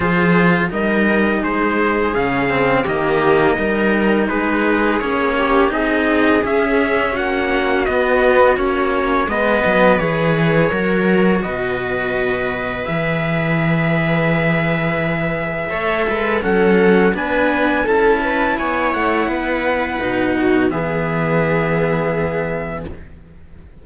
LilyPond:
<<
  \new Staff \with { instrumentName = "trumpet" } { \time 4/4 \tempo 4 = 84 c''4 dis''4 c''4 f''4 | dis''2 b'4 cis''4 | dis''4 e''4 fis''4 dis''4 | cis''4 dis''4 cis''2 |
dis''2 e''2~ | e''2. fis''4 | gis''4 a''4 gis''8 fis''4.~ | fis''4 e''2. | }
  \new Staff \with { instrumentName = "viola" } { \time 4/4 gis'4 ais'4 gis'2 | g'4 ais'4 gis'4. g'8 | gis'2 fis'2~ | fis'4 b'2 ais'4 |
b'1~ | b'2 cis''8 b'8 a'4 | b'4 a'8 b'8 cis''4 b'4~ | b'8 fis'8 gis'2. | }
  \new Staff \with { instrumentName = "cello" } { \time 4/4 f'4 dis'2 cis'8 c'8 | ais4 dis'2 cis'4 | dis'4 cis'2 b4 | cis'4 b4 gis'4 fis'4~ |
fis'2 gis'2~ | gis'2 a'4 cis'4 | d'4 e'2. | dis'4 b2. | }
  \new Staff \with { instrumentName = "cello" } { \time 4/4 f4 g4 gis4 cis4 | dis4 g4 gis4 ais4 | c'4 cis'4 ais4 b4 | ais4 gis8 fis8 e4 fis4 |
b,2 e2~ | e2 a8 gis8 fis4 | b4 cis'4 b8 a8 b4 | b,4 e2. | }
>>